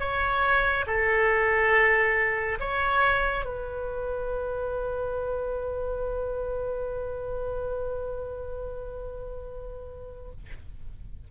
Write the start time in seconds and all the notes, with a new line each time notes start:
0.00 C#5
0.87 A4
2.61 C#5
3.46 B4